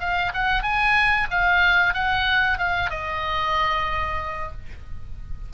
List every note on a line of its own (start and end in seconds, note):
0.00 0.32 F5
0.34 0.63 F#5
0.63 1.27 G#5
1.31 1.94 F5
1.94 2.58 F#5
2.58 2.90 F5
2.90 4.52 D#5